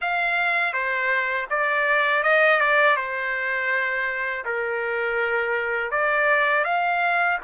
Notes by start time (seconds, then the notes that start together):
0.01 F5
0.73 C5
1.50 D5
2.23 D#5
2.60 D5
2.96 C5
4.45 A#4
5.91 D5
6.64 F5